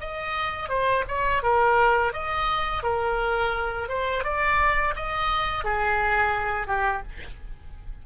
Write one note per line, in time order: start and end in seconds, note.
0.00 0.69 D#5
0.69 1.04 C5
1.07 1.42 C#5
1.42 2.12 A#4
2.12 2.83 D#5
2.83 3.88 A#4
3.88 4.24 C5
4.24 4.94 D5
4.95 5.64 D#5
5.64 6.67 G#4
6.67 7.02 G4